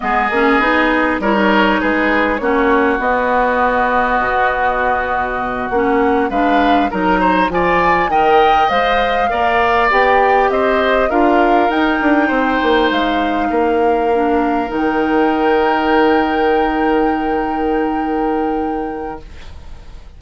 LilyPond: <<
  \new Staff \with { instrumentName = "flute" } { \time 4/4 \tempo 4 = 100 dis''2 cis''4 b'4 | cis''4 dis''2.~ | dis''4. fis''4 f''4 ais''8~ | ais''8 gis''4 g''4 f''4.~ |
f''8 g''4 dis''4 f''4 g''8~ | g''4. f''2~ f''8~ | f''8 g''2.~ g''8~ | g''1 | }
  \new Staff \with { instrumentName = "oboe" } { \time 4/4 gis'2 ais'4 gis'4 | fis'1~ | fis'2~ fis'8 b'4 ais'8 | c''8 d''4 dis''2 d''8~ |
d''4. c''4 ais'4.~ | ais'8 c''2 ais'4.~ | ais'1~ | ais'1 | }
  \new Staff \with { instrumentName = "clarinet" } { \time 4/4 b8 cis'8 dis'4 e'16 dis'4.~ dis'16 | cis'4 b2.~ | b4. cis'4 d'4 dis'8~ | dis'8 f'4 ais'4 c''4 ais'8~ |
ais'8 g'2 f'4 dis'8~ | dis'2.~ dis'8 d'8~ | d'8 dis'2.~ dis'8~ | dis'1 | }
  \new Staff \with { instrumentName = "bassoon" } { \time 4/4 gis8 ais8 b4 g4 gis4 | ais4 b2 b,4~ | b,4. ais4 gis4 fis8~ | fis8 f4 dis4 gis4 ais8~ |
ais8 b4 c'4 d'4 dis'8 | d'8 c'8 ais8 gis4 ais4.~ | ais8 dis2.~ dis8~ | dis1 | }
>>